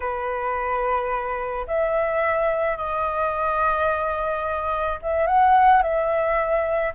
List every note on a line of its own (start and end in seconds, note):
0.00 1.66 B4
1.67 2.77 E5
2.77 4.99 D#5
5.02 5.26 E5
5.26 5.82 F#5
5.82 6.93 E5